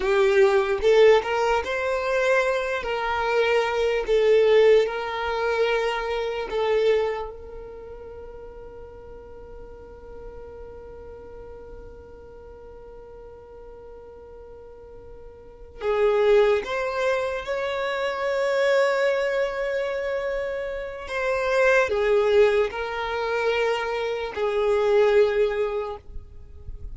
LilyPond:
\new Staff \with { instrumentName = "violin" } { \time 4/4 \tempo 4 = 74 g'4 a'8 ais'8 c''4. ais'8~ | ais'4 a'4 ais'2 | a'4 ais'2.~ | ais'1~ |
ais'2.~ ais'8 gis'8~ | gis'8 c''4 cis''2~ cis''8~ | cis''2 c''4 gis'4 | ais'2 gis'2 | }